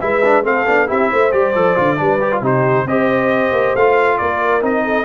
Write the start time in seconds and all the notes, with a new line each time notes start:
0.00 G#3 E4 B4 E5
0.24 D4
0.43 A3 C4 A4 F5
0.67 B3 D4
0.87 C4 E4 G4 E5
1.09 A3 C5
1.32 G3 G4 D5
1.55 F3 A4
1.76 D3 F4
1.97 G3 D4 B4
2.20 G4
2.32 F4
2.41 C3 D#4 G4 C5
2.85 C4 G4 C5 D#5
3.52 A#3
3.75 A3 F4 F5
4.18 A#3 A#4 D5
4.61 C4 D#4 D#5
4.84 A4